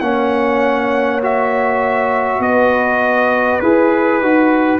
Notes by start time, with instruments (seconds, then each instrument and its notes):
0.00 tuba A#3, trombone C#4, horn C#5, trumpet F#5
1.22 trombone F#4, trumpet E5
2.39 tuba B3, horn B4, trumpet D#5
3.60 tuba E4, trombone G#4, trumpet B4
4.21 tuba D#4, trombone F#4